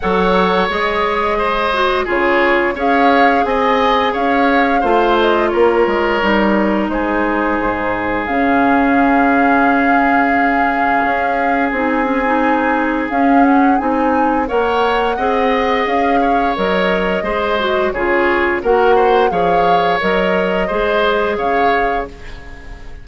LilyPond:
<<
  \new Staff \with { instrumentName = "flute" } { \time 4/4 \tempo 4 = 87 fis''4 dis''2 cis''4 | f''4 gis''4 f''4. dis''8 | cis''2 c''2 | f''1~ |
f''4 gis''2 f''8 fis''8 | gis''4 fis''2 f''4 | dis''2 cis''4 fis''4 | f''4 dis''2 f''4 | }
  \new Staff \with { instrumentName = "oboe" } { \time 4/4 cis''2 c''4 gis'4 | cis''4 dis''4 cis''4 c''4 | ais'2 gis'2~ | gis'1~ |
gis'1~ | gis'4 cis''4 dis''4. cis''8~ | cis''4 c''4 gis'4 ais'8 c''8 | cis''2 c''4 cis''4 | }
  \new Staff \with { instrumentName = "clarinet" } { \time 4/4 a'4 gis'4. fis'8 f'4 | gis'2. f'4~ | f'4 dis'2. | cis'1~ |
cis'4 dis'8 cis'16 dis'4~ dis'16 cis'4 | dis'4 ais'4 gis'2 | ais'4 gis'8 fis'8 f'4 fis'4 | gis'4 ais'4 gis'2 | }
  \new Staff \with { instrumentName = "bassoon" } { \time 4/4 fis4 gis2 cis4 | cis'4 c'4 cis'4 a4 | ais8 gis8 g4 gis4 gis,4 | cis1 |
cis'4 c'2 cis'4 | c'4 ais4 c'4 cis'4 | fis4 gis4 cis4 ais4 | f4 fis4 gis4 cis4 | }
>>